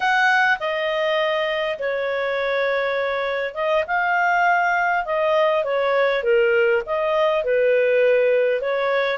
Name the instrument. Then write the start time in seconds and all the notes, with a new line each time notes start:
clarinet
0.00 F#5
0.59 D#5
1.78 C#5
3.54 D#5
3.87 F5
5.05 D#5
5.64 C#5
6.23 A#4
6.86 D#5
7.44 B4
8.61 C#5